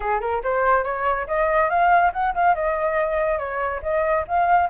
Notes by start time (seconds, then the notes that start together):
0.00 G#4
0.21 A#4
0.43 C5
0.84 C#5
1.27 D#5
1.69 F5
2.12 F#5
2.34 F5
2.54 D#5
3.38 C#5
3.82 D#5
4.27 F5